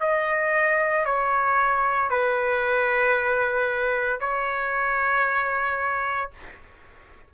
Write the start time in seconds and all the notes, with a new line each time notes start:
0.00 D#5
1.05 C#5
2.10 B4
4.20 C#5